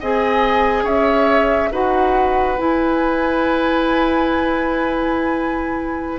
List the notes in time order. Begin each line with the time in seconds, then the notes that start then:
0.00 C4 G#4 D#5 G#5
0.83 C#4 C#5 E5
1.72 D#4 F#4 B4 F#5
2.58 E4 G#5